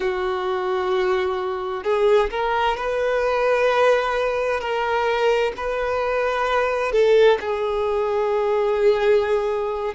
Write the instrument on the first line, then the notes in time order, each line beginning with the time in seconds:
violin
0.00 F#4
1.83 G#4
2.30 A#4
2.77 B4
4.60 A#4
5.56 B4
6.91 A4
7.40 G#4